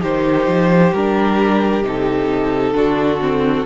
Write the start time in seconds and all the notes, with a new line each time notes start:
0.00 D#3 D#4 G4 C5
0.47 F3
0.93 G3 D4 A#4
1.83 C3 D#4 A4
2.73 D3 D4 F#4
3.21 C4